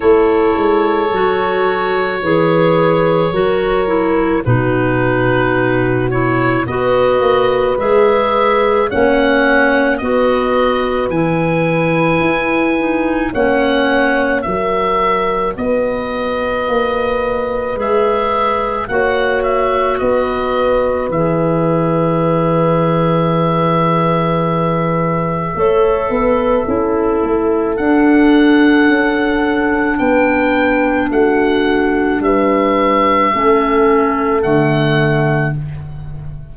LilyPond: <<
  \new Staff \with { instrumentName = "oboe" } { \time 4/4 \tempo 4 = 54 cis''1 | b'4. cis''8 dis''4 e''4 | fis''4 dis''4 gis''2 | fis''4 e''4 dis''2 |
e''4 fis''8 e''8 dis''4 e''4~ | e''1~ | e''4 fis''2 g''4 | fis''4 e''2 fis''4 | }
  \new Staff \with { instrumentName = "horn" } { \time 4/4 a'2 b'4 ais'4 | fis'2 b'2 | cis''4 b'2. | cis''4 ais'4 b'2~ |
b'4 cis''4 b'2~ | b'2. cis''8 b'8 | a'2. b'4 | fis'4 b'4 a'2 | }
  \new Staff \with { instrumentName = "clarinet" } { \time 4/4 e'4 fis'4 gis'4 fis'8 e'8 | dis'4. e'8 fis'4 gis'4 | cis'4 fis'4 e'4. dis'8 | cis'4 fis'2. |
gis'4 fis'2 gis'4~ | gis'2. a'4 | e'4 d'2.~ | d'2 cis'4 a4 | }
  \new Staff \with { instrumentName = "tuba" } { \time 4/4 a8 gis8 fis4 e4 fis4 | b,2 b8 ais8 gis4 | ais4 b4 e4 e'4 | ais4 fis4 b4 ais4 |
gis4 ais4 b4 e4~ | e2. a8 b8 | cis'8 a8 d'4 cis'4 b4 | a4 g4 a4 d4 | }
>>